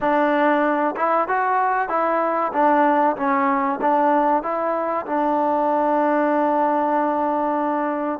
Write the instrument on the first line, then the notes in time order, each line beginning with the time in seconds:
trombone
0.00 D4
0.96 E4
1.27 F#4
1.88 E4
2.52 D4
3.16 C#4
3.81 D4
4.42 E4
5.06 D4